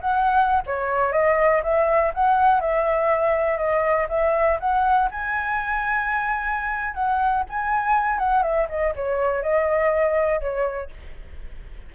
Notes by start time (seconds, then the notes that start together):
0.00 F#5
0.66 C#5
1.12 D#5
1.63 E5
2.14 F#5
2.60 E5
3.57 D#5
4.09 E5
4.59 F#5
5.11 G#5
6.94 F#5
7.49 G#5
8.18 F#5
8.42 E5
8.68 D#5
8.95 C#5
9.42 D#5
10.40 C#5